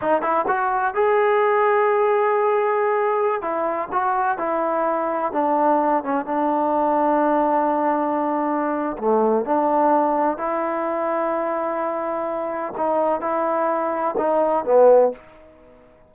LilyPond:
\new Staff \with { instrumentName = "trombone" } { \time 4/4 \tempo 4 = 127 dis'8 e'8 fis'4 gis'2~ | gis'2.~ gis'16 e'8.~ | e'16 fis'4 e'2 d'8.~ | d'8. cis'8 d'2~ d'8.~ |
d'2. a4 | d'2 e'2~ | e'2. dis'4 | e'2 dis'4 b4 | }